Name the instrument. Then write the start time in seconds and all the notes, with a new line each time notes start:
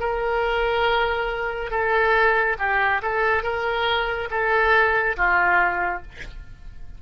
oboe
0.00 A#4
1.71 A4
2.59 G4
3.02 A4
3.43 A#4
4.31 A4
5.17 F4